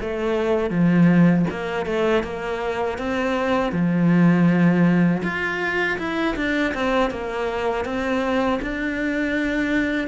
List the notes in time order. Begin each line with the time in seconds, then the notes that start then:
0.00 A3
0.70 F3
1.50 A#3
1.85 A3
2.23 A#3
2.98 C4
3.72 F3
5.23 F4
5.98 E4
6.35 D4
6.74 C4
7.10 A#3
7.84 C4
8.61 D4